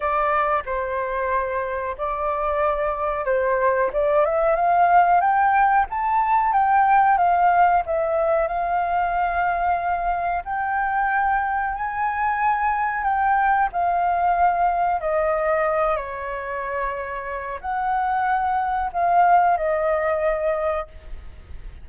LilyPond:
\new Staff \with { instrumentName = "flute" } { \time 4/4 \tempo 4 = 92 d''4 c''2 d''4~ | d''4 c''4 d''8 e''8 f''4 | g''4 a''4 g''4 f''4 | e''4 f''2. |
g''2 gis''2 | g''4 f''2 dis''4~ | dis''8 cis''2~ cis''8 fis''4~ | fis''4 f''4 dis''2 | }